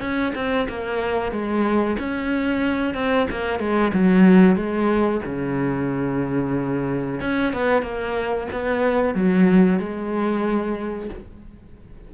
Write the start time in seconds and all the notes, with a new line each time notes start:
0.00 C#4
0.35 C4
0.69 A#3
1.32 G#3
1.99 C#4
2.94 C4
3.30 A#3
3.59 G#3
3.93 F#3
4.56 G#3
5.25 C#3
7.21 C#4
7.53 B3
7.82 A#3
8.52 B3
9.14 F#3
9.79 G#3